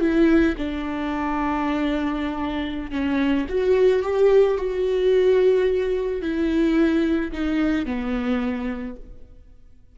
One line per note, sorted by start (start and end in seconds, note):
0.00 0.55 E4
0.57 2.91 D4
2.91 3.46 C#4
3.49 4.02 F#4
4.02 4.57 G4
4.57 6.22 F#4
6.22 7.32 E4
7.32 7.86 D#4
7.86 8.96 B3